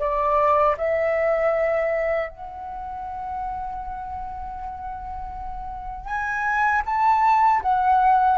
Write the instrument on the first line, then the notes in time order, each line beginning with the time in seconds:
flute
0.00 D5
0.78 E5
2.30 F#5
6.07 G#5
6.86 A5
7.62 F#5